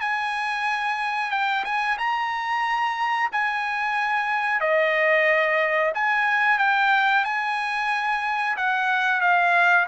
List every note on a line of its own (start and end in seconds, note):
0.00 1.31 G#5
1.31 1.64 G5
1.64 1.97 G#5
1.98 3.30 A#5
3.31 4.60 G#5
4.60 5.92 D#5
5.94 6.58 G#5
6.58 7.24 G5
7.24 8.56 G#5
8.57 9.21 F#5
9.21 9.87 F5